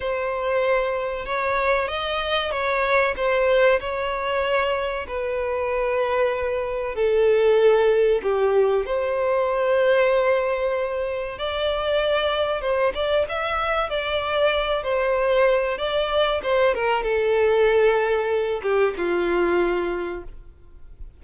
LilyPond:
\new Staff \with { instrumentName = "violin" } { \time 4/4 \tempo 4 = 95 c''2 cis''4 dis''4 | cis''4 c''4 cis''2 | b'2. a'4~ | a'4 g'4 c''2~ |
c''2 d''2 | c''8 d''8 e''4 d''4. c''8~ | c''4 d''4 c''8 ais'8 a'4~ | a'4. g'8 f'2 | }